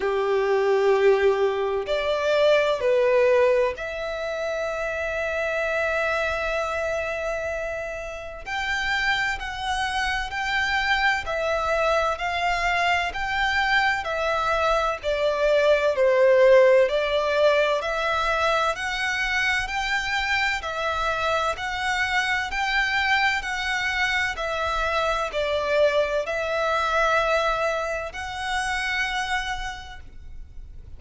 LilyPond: \new Staff \with { instrumentName = "violin" } { \time 4/4 \tempo 4 = 64 g'2 d''4 b'4 | e''1~ | e''4 g''4 fis''4 g''4 | e''4 f''4 g''4 e''4 |
d''4 c''4 d''4 e''4 | fis''4 g''4 e''4 fis''4 | g''4 fis''4 e''4 d''4 | e''2 fis''2 | }